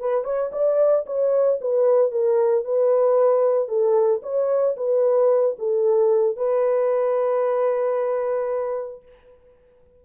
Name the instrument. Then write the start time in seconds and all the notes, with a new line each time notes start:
horn
0.00 B4
0.24 C#5
0.52 D5
1.06 C#5
1.61 B4
2.12 A#4
2.65 B4
3.69 A4
4.23 C#5
4.76 B4
5.59 A4
6.37 B4